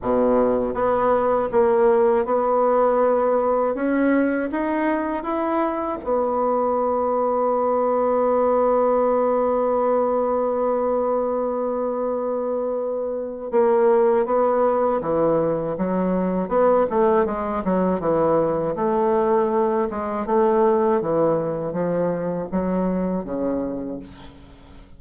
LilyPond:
\new Staff \with { instrumentName = "bassoon" } { \time 4/4 \tempo 4 = 80 b,4 b4 ais4 b4~ | b4 cis'4 dis'4 e'4 | b1~ | b1~ |
b2 ais4 b4 | e4 fis4 b8 a8 gis8 fis8 | e4 a4. gis8 a4 | e4 f4 fis4 cis4 | }